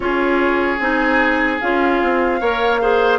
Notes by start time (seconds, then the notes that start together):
0.00 C#4 F4 G#4 C#5
0.79 C4 D#4 G#5
1.60 C#4 F4 F5
2.02 C4
2.40 A#3 A#4 C#5
2.81 G#4 C5